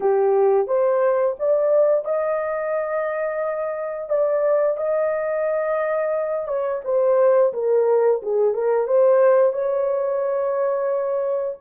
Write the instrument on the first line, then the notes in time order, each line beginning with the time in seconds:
horn
0.00 G4
0.67 C5
1.39 D5
2.04 D#5
4.09 D5
4.77 D#5
6.47 C#5
6.84 C5
7.53 A#4
8.22 G#4
8.54 A#4
8.87 C5
9.52 C#5